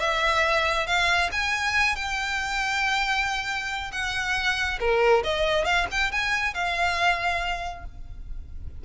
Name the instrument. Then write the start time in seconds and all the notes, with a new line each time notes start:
violin
0.00 E5
0.87 F5
1.32 G#5
1.95 G5
3.92 F#5
4.80 A#4
5.24 D#5
5.65 F5
5.91 G5
6.11 G#5
6.54 F5